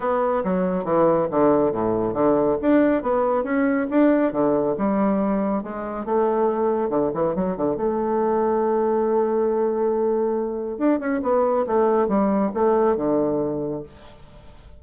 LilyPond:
\new Staff \with { instrumentName = "bassoon" } { \time 4/4 \tempo 4 = 139 b4 fis4 e4 d4 | a,4 d4 d'4 b4 | cis'4 d'4 d4 g4~ | g4 gis4 a2 |
d8 e8 fis8 d8 a2~ | a1~ | a4 d'8 cis'8 b4 a4 | g4 a4 d2 | }